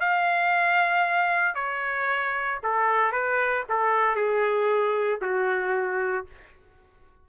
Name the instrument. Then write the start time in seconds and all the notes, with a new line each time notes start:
trumpet
0.00 F5
1.55 C#5
2.63 A4
3.12 B4
3.69 A4
4.16 G#4
5.22 F#4